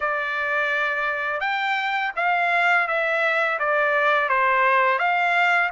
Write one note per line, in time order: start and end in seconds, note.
0.00 1.40 D5
1.40 2.12 G5
2.16 2.87 F5
2.87 3.58 E5
3.59 4.29 D5
4.29 4.98 C5
4.98 5.70 F5